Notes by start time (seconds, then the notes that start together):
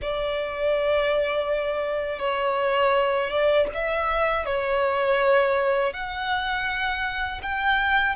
0.01 D5
2.19 C#5
3.30 D5
3.74 E5
4.45 C#5
5.93 F#5
7.42 G5